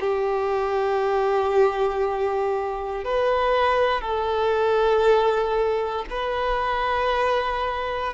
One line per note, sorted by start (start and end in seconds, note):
0.00 3.04 G4
3.04 4.01 B4
4.01 6.04 A4
6.10 8.13 B4